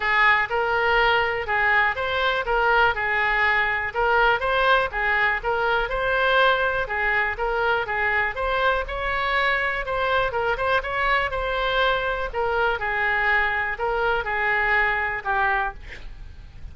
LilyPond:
\new Staff \with { instrumentName = "oboe" } { \time 4/4 \tempo 4 = 122 gis'4 ais'2 gis'4 | c''4 ais'4 gis'2 | ais'4 c''4 gis'4 ais'4 | c''2 gis'4 ais'4 |
gis'4 c''4 cis''2 | c''4 ais'8 c''8 cis''4 c''4~ | c''4 ais'4 gis'2 | ais'4 gis'2 g'4 | }